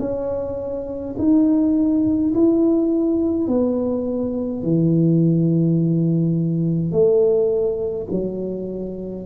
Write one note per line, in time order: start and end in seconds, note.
0.00 1.16 C#4
1.19 2.34 D#4
2.34 3.48 E4
3.48 4.63 B3
4.63 6.92 E3
6.92 8.08 A3
8.11 9.26 F#3